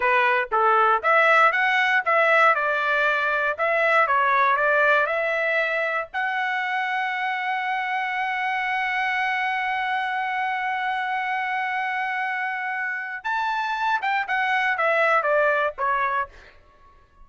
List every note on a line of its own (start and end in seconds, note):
0.00 0.48 B4
0.51 1.02 A4
1.02 1.51 E5
1.51 2.02 F#5
2.05 2.54 E5
2.54 3.56 D5
3.58 4.07 E5
4.07 4.56 C#5
4.56 5.06 D5
5.06 6.08 E5
6.13 13.24 F#5
13.24 14.00 A5
14.01 14.27 G5
14.27 14.77 F#5
14.77 15.22 E5
15.22 15.73 D5
15.77 16.28 C#5